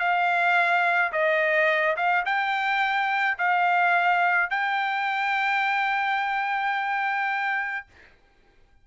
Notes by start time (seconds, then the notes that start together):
0.00 F5
1.13 D#5
1.97 F5
2.26 G5
3.39 F5
4.51 G5